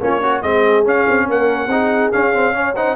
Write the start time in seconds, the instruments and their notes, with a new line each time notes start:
0.00 tuba A#3, trombone C#4, horn F4, trumpet C#5
0.20 horn C#4, trombone F#4
0.42 tuba G#3, trombone C4, horn G#4, trumpet D#5
0.84 trombone C#4, tuba C#4, trumpet F5
1.08 tuba C4
1.27 tuba A#3, horn A#4, trumpet F#5
1.67 tuba C4, trombone D#4, horn G#4
2.12 trombone C#4, tuba C#4, trumpet F5
2.33 trombone C4
2.53 trombone C#4, horn C#5
2.75 trombone D#4, horn C5, trumpet F#5